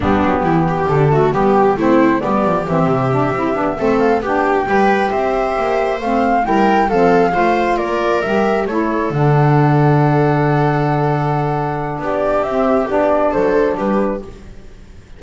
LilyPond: <<
  \new Staff \with { instrumentName = "flute" } { \time 4/4 \tempo 4 = 135 g'2 a'4 g'4 | c''4 d''4 e''2~ | e''4 f''8 g''2 e''8~ | e''4. f''4 g''4 f''8~ |
f''4. d''4 e''4 cis''8~ | cis''8 fis''2.~ fis''8~ | fis''2. d''4 | e''4 d''4 c''4 b'4 | }
  \new Staff \with { instrumentName = "viola" } { \time 4/4 d'4 e'8 g'4 fis'8 g'4 | e'4 g'2.~ | g'8 a'4 g'4 b'4 c''8~ | c''2~ c''8 ais'4 a'8~ |
a'8 c''4 ais'2 a'8~ | a'1~ | a'2. g'4~ | g'2 a'4 g'4 | }
  \new Staff \with { instrumentName = "saxophone" } { \time 4/4 b2 d'8 a8 b4 | c'4 b4 c'4 d'8 e'8 | d'8 c'4 d'4 g'4.~ | g'4. c'4 e'4 c'8~ |
c'8 f'2 g'4 e'8~ | e'8 d'2.~ d'8~ | d'1 | c'4 d'2. | }
  \new Staff \with { instrumentName = "double bass" } { \time 4/4 g8 fis8 e4 d4 g4 | a4 g8 f8 e8 c4 c'8 | b8 a4 b4 g4 c'8~ | c'8 ais4 a4 g4 f8~ |
f8 a4 ais4 g4 a8~ | a8 d2.~ d8~ | d2. b4 | c'4 b4 fis4 g4 | }
>>